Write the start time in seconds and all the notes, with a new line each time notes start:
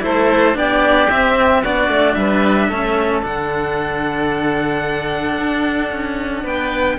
0.00 A3 E4 A4 C5
0.53 B3 D4 G4 D5
1.09 C4 E5
1.62 B3 D4 F#4 D5
1.88 A3
2.14 G3 B4 E5
2.68 A3 C#4 A4
3.22 D3 D4 F#5
5.38 D4
5.91 C#4
6.43 B3 B4 G5